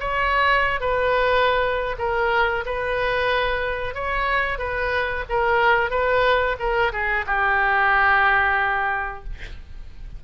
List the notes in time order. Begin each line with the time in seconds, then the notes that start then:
0.00 C#5
0.80 B4
1.98 A#4
2.65 B4
3.94 C#5
4.58 B4
5.29 A#4
5.90 B4
6.59 A#4
6.92 G#4
7.26 G4